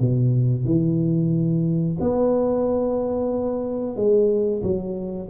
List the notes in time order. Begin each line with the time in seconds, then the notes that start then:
0.00 B2
0.65 E3
2.00 B3
3.97 G#3
4.63 F#3